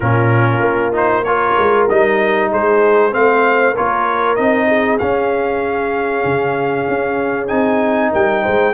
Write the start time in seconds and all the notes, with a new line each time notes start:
0.00 A#2 C#4 F4 A#4
0.59 A#3
0.92 D#4 C5
1.24 F4 A#4 C#5
1.58 G#3
1.89 G3 D#4 D#5
2.51 G#3 G#4 C5
3.10 A3 C4 C5 F5
3.72 F4 A#4 C#5
3.78 A#3
4.35 C4 D#4 D#5
4.67 G#4
4.98 C#4 F5
6.24 C#3
6.88 C#4
7.47 C4 D#4 G#5
8.11 G3 A#4 G5
8.42 G#3 C5